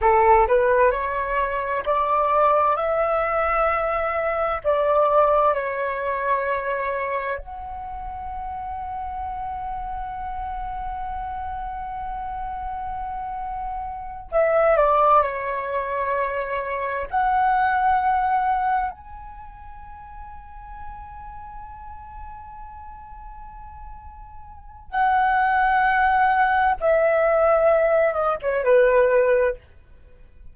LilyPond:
\new Staff \with { instrumentName = "flute" } { \time 4/4 \tempo 4 = 65 a'8 b'8 cis''4 d''4 e''4~ | e''4 d''4 cis''2 | fis''1~ | fis''2.~ fis''8 e''8 |
d''8 cis''2 fis''4.~ | fis''8 gis''2.~ gis''8~ | gis''2. fis''4~ | fis''4 e''4. dis''16 cis''16 b'4 | }